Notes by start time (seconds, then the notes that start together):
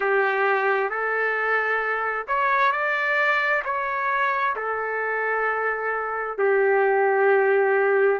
0.00 G4
0.90 A4
2.27 C#5
2.71 D5
3.64 C#5
4.56 A4
6.38 G4